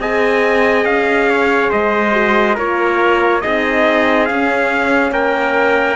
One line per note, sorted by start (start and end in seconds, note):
0.00 0.85 C4
0.00 2.13 G#4
0.00 1.29 D#5
0.00 0.85 G#5
0.85 1.71 C#4
0.85 1.71 F5
1.30 1.70 C#5
1.70 2.57 G#3
1.70 2.55 C5
1.70 2.58 D#5
2.13 2.56 F#4
2.55 3.43 A#3
2.55 3.43 F4
2.55 3.41 A#4
2.55 3.42 C#5
3.42 4.30 C4
3.42 4.29 D#4
3.42 5.13 G#4
3.42 4.26 D#5
4.26 5.96 C#4
4.26 5.12 C#4
4.26 5.11 F5
5.12 5.96 A#3
5.12 5.96 A#4
5.12 5.96 G5